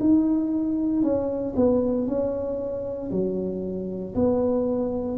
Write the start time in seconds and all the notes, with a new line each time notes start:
0.00 D#4
1.03 C#4
1.56 B3
2.07 C#4
3.11 F#3
4.15 B3